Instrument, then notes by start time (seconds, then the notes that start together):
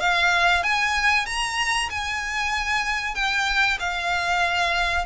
violin
0.00 F5
0.63 G#5
1.26 A#5
1.90 G#5
3.15 G5
3.80 F5